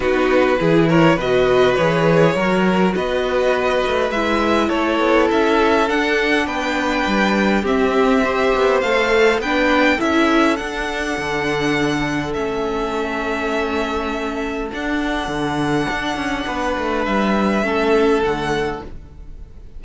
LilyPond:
<<
  \new Staff \with { instrumentName = "violin" } { \time 4/4 \tempo 4 = 102 b'4. cis''8 dis''4 cis''4~ | cis''4 dis''2 e''4 | cis''4 e''4 fis''4 g''4~ | g''4 e''2 f''4 |
g''4 e''4 fis''2~ | fis''4 e''2.~ | e''4 fis''2.~ | fis''4 e''2 fis''4 | }
  \new Staff \with { instrumentName = "violin" } { \time 4/4 fis'4 gis'8 ais'8 b'2 | ais'4 b'2. | a'2. b'4~ | b'4 g'4 c''2 |
b'4 a'2.~ | a'1~ | a'1 | b'2 a'2 | }
  \new Staff \with { instrumentName = "viola" } { \time 4/4 dis'4 e'4 fis'4 gis'4 | fis'2. e'4~ | e'2 d'2~ | d'4 c'4 g'4 a'4 |
d'4 e'4 d'2~ | d'4 cis'2.~ | cis'4 d'2.~ | d'2 cis'4 a4 | }
  \new Staff \with { instrumentName = "cello" } { \time 4/4 b4 e4 b,4 e4 | fis4 b4. a8 gis4 | a8 b8 cis'4 d'4 b4 | g4 c'4. b8 a4 |
b4 cis'4 d'4 d4~ | d4 a2.~ | a4 d'4 d4 d'8 cis'8 | b8 a8 g4 a4 d4 | }
>>